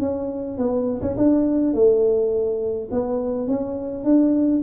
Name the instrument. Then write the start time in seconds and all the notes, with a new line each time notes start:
tuba
0.00 C#4
0.58 B3
1.02 C#4
1.17 D4
1.74 A3
2.91 B3
3.48 C#4
4.04 D4